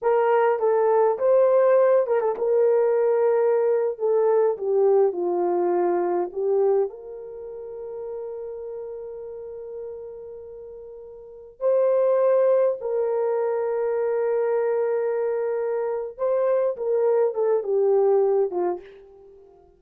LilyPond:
\new Staff \with { instrumentName = "horn" } { \time 4/4 \tempo 4 = 102 ais'4 a'4 c''4. ais'16 a'16 | ais'2~ ais'8. a'4 g'16~ | g'8. f'2 g'4 ais'16~ | ais'1~ |
ais'2.~ ais'8. c''16~ | c''4.~ c''16 ais'2~ ais'16~ | ais'2.~ ais'8 c''8~ | c''8 ais'4 a'8 g'4. f'8 | }